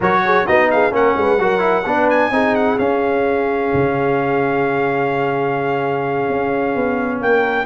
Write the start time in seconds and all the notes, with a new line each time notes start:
0.00 F#3 F#4 A#4 C#5
0.25 G#4
0.46 B3 D#4 F#4 D#5
0.70 G#4 F5
0.91 A#3 C#4 A#4 F#5
1.16 G#3 B4
1.39 F#3 F#4 A#4
1.59 E4
1.85 B3 D4 B4
2.10 G#5
2.30 C4 D#4 G#4
2.55 F#5
2.78 C#4 F5
3.73 C#3
6.29 C#4
6.75 B3
7.21 A#3 A#4 G5